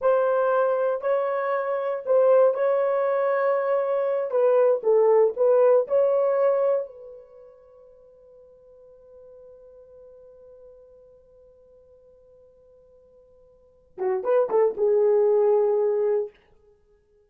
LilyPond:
\new Staff \with { instrumentName = "horn" } { \time 4/4 \tempo 4 = 118 c''2 cis''2 | c''4 cis''2.~ | cis''8 b'4 a'4 b'4 cis''8~ | cis''4. b'2~ b'8~ |
b'1~ | b'1~ | b'2.~ b'8 fis'8 | b'8 a'8 gis'2. | }